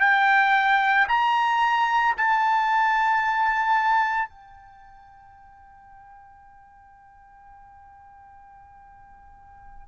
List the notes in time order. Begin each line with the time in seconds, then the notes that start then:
0.00 G5
1.08 A#5
2.17 A5
4.29 G5